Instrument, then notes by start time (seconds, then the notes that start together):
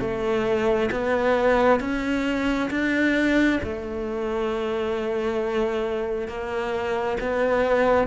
cello
0.00 A3
0.91 B3
1.80 C#4
2.70 D4
3.63 A3
6.28 A#3
7.20 B3